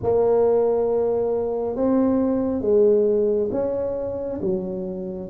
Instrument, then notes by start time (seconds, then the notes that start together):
tuba
0.02 A#3
1.76 C4
2.61 G#3
3.51 C#4
4.41 F#3